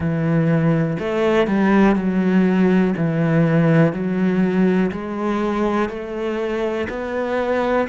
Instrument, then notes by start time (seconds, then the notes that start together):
cello
0.00 E3
0.99 A3
1.47 G3
1.95 F#3
2.96 E3
3.92 F#3
4.91 G#3
5.89 A3
6.89 B3